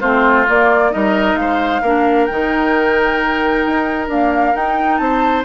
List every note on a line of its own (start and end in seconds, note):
0.00 0.47 A3
0.00 0.46 C4
0.00 0.91 F4
0.00 0.46 C5
0.47 0.90 A#3
0.47 0.94 A#3
0.47 0.92 D5
0.90 1.35 G3
0.90 1.81 D#4
0.90 1.39 A#4
0.90 1.36 D#5
1.35 1.81 G#3
1.35 1.82 C5
1.35 2.25 F5
1.82 2.28 A#3
1.82 2.30 D4
1.82 5.00 A#4
2.25 3.66 D#3
2.25 4.11 D#4
2.25 4.07 G5
3.66 4.08 D#4
4.08 4.54 A#3
4.08 4.54 D4
4.08 4.56 F5
4.54 5.45 D#4
4.54 4.99 D#4
4.54 4.97 G5
4.97 5.45 C4
4.97 5.45 C5
4.97 5.43 A5